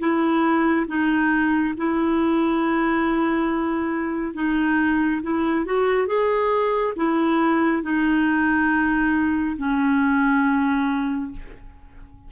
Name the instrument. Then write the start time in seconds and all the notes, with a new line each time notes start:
clarinet
0.00 E4
0.88 D#4
1.77 E4
4.35 D#4
5.23 E4
5.66 F#4
6.08 G#4
6.97 E4
7.83 D#4
9.58 C#4